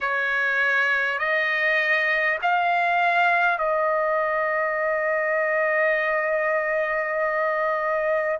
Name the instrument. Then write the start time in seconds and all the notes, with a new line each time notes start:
trumpet
0.01 C#5
1.18 D#5
2.42 F5
3.58 D#5